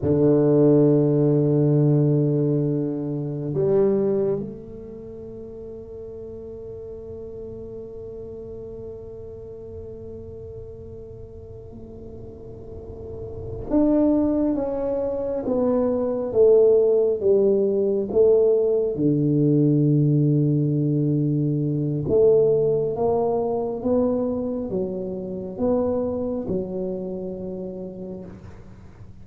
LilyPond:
\new Staff \with { instrumentName = "tuba" } { \time 4/4 \tempo 4 = 68 d1 | g4 a2.~ | a1~ | a2.~ a8 d'8~ |
d'8 cis'4 b4 a4 g8~ | g8 a4 d2~ d8~ | d4 a4 ais4 b4 | fis4 b4 fis2 | }